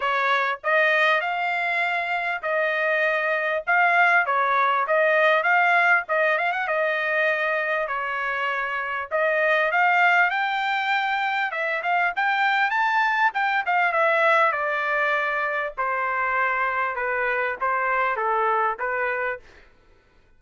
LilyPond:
\new Staff \with { instrumentName = "trumpet" } { \time 4/4 \tempo 4 = 99 cis''4 dis''4 f''2 | dis''2 f''4 cis''4 | dis''4 f''4 dis''8 f''16 fis''16 dis''4~ | dis''4 cis''2 dis''4 |
f''4 g''2 e''8 f''8 | g''4 a''4 g''8 f''8 e''4 | d''2 c''2 | b'4 c''4 a'4 b'4 | }